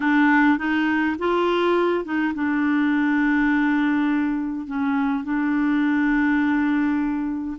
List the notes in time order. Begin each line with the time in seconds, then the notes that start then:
0.00 D4
0.58 D#4
1.18 F4
2.04 D#4
2.34 D4
4.66 C#4
5.24 D4